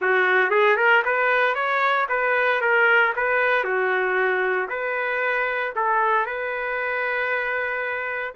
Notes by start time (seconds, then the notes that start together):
0.01 F#4
0.50 G#4
0.76 A#4
1.04 B4
1.54 C#5
2.09 B4
2.61 A#4
3.16 B4
3.64 F#4
4.69 B4
5.75 A4
6.26 B4